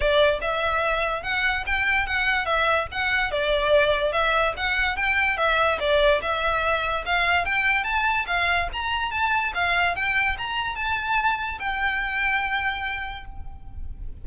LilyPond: \new Staff \with { instrumentName = "violin" } { \time 4/4 \tempo 4 = 145 d''4 e''2 fis''4 | g''4 fis''4 e''4 fis''4 | d''2 e''4 fis''4 | g''4 e''4 d''4 e''4~ |
e''4 f''4 g''4 a''4 | f''4 ais''4 a''4 f''4 | g''4 ais''4 a''2 | g''1 | }